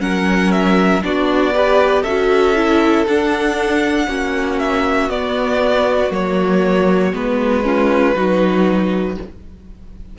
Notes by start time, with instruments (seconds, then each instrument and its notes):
0.00 cello F#3, viola C#4, violin A#4 F#5
0.52 violin E5
1.03 cello B3, viola D4, violin F#4 D5
1.54 viola G4, violin B4
2.02 cello C#4, viola F#4, violin A4 E5
2.56 viola E4
3.08 cello D4, viola D4, violin F#5
4.08 cello A#3, viola C#4, violin F#4
4.59 violin E5
5.09 cello B3, viola B3, violin D5
6.11 cello F#3, viola A#3, violin C#5
7.13 cello G#3, viola B3, violin B4
7.63 viola C#4, violin F4
8.16 cello F#3, viola D#4, violin F#4